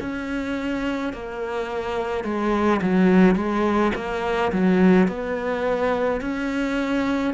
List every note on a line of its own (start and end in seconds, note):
0.00 1.13 C#4
1.13 2.24 A#3
2.24 2.80 G#3
2.81 3.35 F#3
3.35 3.92 G#3
3.95 4.51 A#3
4.52 5.07 F#3
5.07 6.21 B3
6.21 7.34 C#4